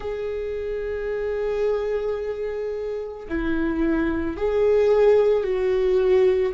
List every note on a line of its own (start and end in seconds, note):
0.00 3.27 G#4
3.28 4.36 E4
4.36 5.43 G#4
5.43 6.52 F#4